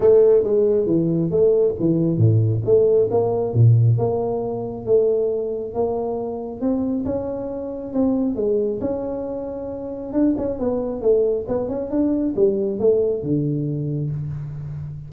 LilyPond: \new Staff \with { instrumentName = "tuba" } { \time 4/4 \tempo 4 = 136 a4 gis4 e4 a4 | e4 a,4 a4 ais4 | ais,4 ais2 a4~ | a4 ais2 c'4 |
cis'2 c'4 gis4 | cis'2. d'8 cis'8 | b4 a4 b8 cis'8 d'4 | g4 a4 d2 | }